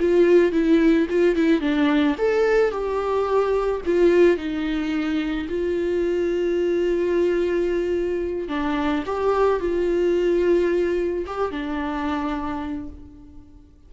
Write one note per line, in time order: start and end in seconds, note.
0.00 0.53 F4
0.53 1.08 E4
1.10 1.36 F4
1.36 1.61 E4
1.61 2.16 D4
2.18 2.71 A4
2.71 3.82 G4
3.86 4.38 F4
4.38 5.48 D#4
5.49 8.49 F4
8.49 9.04 D4
9.07 9.60 G4
9.60 11.25 F4
11.27 11.52 G4
11.52 12.89 D4